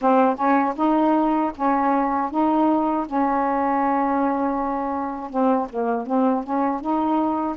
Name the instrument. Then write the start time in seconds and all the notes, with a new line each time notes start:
saxophone
0.01 C4
0.36 C#4
0.76 D#4
1.55 C#4
2.30 D#4
3.06 C#4
5.30 C4
5.69 A#3
6.06 C4
6.43 C#4
6.80 D#4